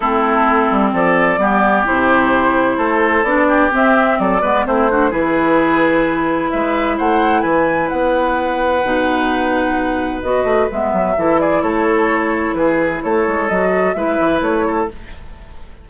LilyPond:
<<
  \new Staff \with { instrumentName = "flute" } { \time 4/4 \tempo 4 = 129 a'2 d''2 | c''2. d''4 | e''4 d''4 c''4 b'4~ | b'2 e''4 fis''4 |
gis''4 fis''2.~ | fis''2 dis''4 e''4~ | e''8 d''8 cis''2 b'4 | cis''4 dis''4 e''4 cis''4 | }
  \new Staff \with { instrumentName = "oboe" } { \time 4/4 e'2 a'4 g'4~ | g'2 a'4. g'8~ | g'4 a'8 b'8 e'8 fis'8 gis'4~ | gis'2 b'4 c''4 |
b'1~ | b'1 | a'8 gis'8 a'2 gis'4 | a'2 b'4. a'8 | }
  \new Staff \with { instrumentName = "clarinet" } { \time 4/4 c'2. b4 | e'2. d'4 | c'4. b8 c'8 d'8 e'4~ | e'1~ |
e'2. dis'4~ | dis'2 fis'4 b4 | e'1~ | e'4 fis'4 e'2 | }
  \new Staff \with { instrumentName = "bassoon" } { \time 4/4 a4. g8 f4 g4 | c2 a4 b4 | c'4 fis8 gis8 a4 e4~ | e2 gis4 a4 |
e4 b2 b,4~ | b,2 b8 a8 gis8 fis8 | e4 a2 e4 | a8 gis8 fis4 gis8 e8 a4 | }
>>